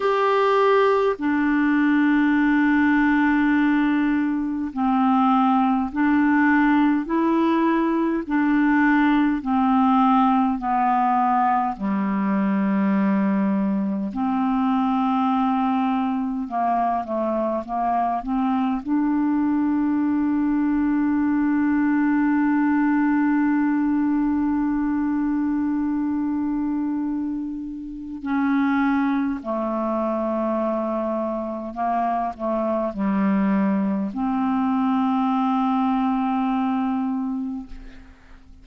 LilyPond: \new Staff \with { instrumentName = "clarinet" } { \time 4/4 \tempo 4 = 51 g'4 d'2. | c'4 d'4 e'4 d'4 | c'4 b4 g2 | c'2 ais8 a8 ais8 c'8 |
d'1~ | d'1 | cis'4 a2 ais8 a8 | g4 c'2. | }